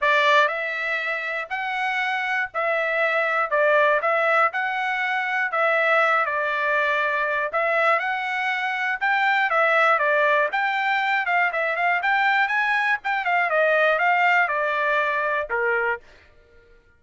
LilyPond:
\new Staff \with { instrumentName = "trumpet" } { \time 4/4 \tempo 4 = 120 d''4 e''2 fis''4~ | fis''4 e''2 d''4 | e''4 fis''2 e''4~ | e''8 d''2~ d''8 e''4 |
fis''2 g''4 e''4 | d''4 g''4. f''8 e''8 f''8 | g''4 gis''4 g''8 f''8 dis''4 | f''4 d''2 ais'4 | }